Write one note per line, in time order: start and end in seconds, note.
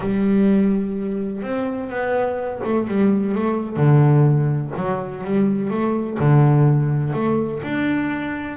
0.00 1.42 G3
1.42 1.89 C4
1.89 2.61 B3
2.64 2.87 A3
2.87 3.34 G3
3.34 3.76 A3
3.76 4.71 D3
4.76 5.23 F#3
5.23 5.70 G3
5.70 6.18 A3
6.19 7.13 D3
7.13 7.61 A3
7.63 8.57 D4